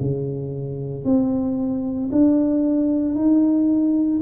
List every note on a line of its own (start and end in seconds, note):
0.00 1.04 C#3
1.04 2.10 C4
2.11 3.15 D4
3.15 4.21 D#4